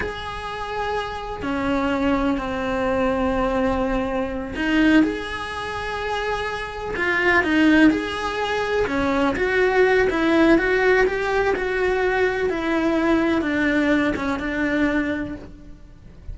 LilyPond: \new Staff \with { instrumentName = "cello" } { \time 4/4 \tempo 4 = 125 gis'2. cis'4~ | cis'4 c'2.~ | c'4. dis'4 gis'4.~ | gis'2~ gis'8 f'4 dis'8~ |
dis'8 gis'2 cis'4 fis'8~ | fis'4 e'4 fis'4 g'4 | fis'2 e'2 | d'4. cis'8 d'2 | }